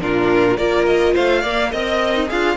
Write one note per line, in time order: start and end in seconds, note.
0.00 0.57 A#2
0.00 0.57 D4
0.00 0.57 F4
0.00 0.57 A#4
0.57 1.15 A#3
0.57 1.43 F4
0.57 1.14 A#4
0.57 0.85 D5
0.86 1.14 D#5
1.14 1.44 A3
1.14 1.41 C5
1.14 1.72 F5
1.41 1.71 A#3
1.41 1.73 A#3
1.41 1.70 D5
1.71 2.30 C4
1.71 2.27 A#4
1.71 2.14 D#5
1.71 2.29 D#5
2.15 2.29 D#4
2.27 2.57 D4
2.27 2.57 F4
2.27 2.56 G#4
2.27 2.57 F5